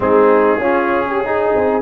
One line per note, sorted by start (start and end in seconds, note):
0.00 0.58 G#3
0.00 0.59 C4
0.00 0.59 D#4
0.00 1.81 G#4
0.58 1.49 C#4
0.58 1.23 C#4
0.58 1.05 F4
1.09 1.24 G4
1.24 1.81 D#4
1.24 1.81 G#4
1.55 1.81 C4